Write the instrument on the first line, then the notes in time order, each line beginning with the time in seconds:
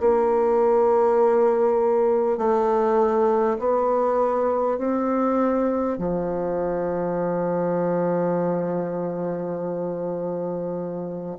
bassoon
0.00 A#3
2.37 A3
3.59 B3
4.78 C4
5.98 F3